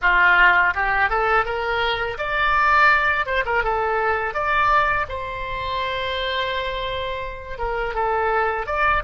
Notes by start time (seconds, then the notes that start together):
0.01 F4
0.74 G4
1.09 A4
1.45 A#4
2.18 D5
3.25 C5
3.45 A#4
3.63 A4
4.33 D5
5.09 C5
7.58 A#4
7.94 A4
8.66 D5